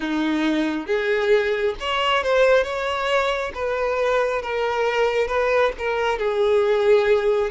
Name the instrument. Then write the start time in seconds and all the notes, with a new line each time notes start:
violin
0.00 D#4
0.86 G#4
1.80 C#5
2.23 C5
2.63 C#5
3.54 B4
4.42 A#4
5.27 B4
5.78 A#4
6.18 G#4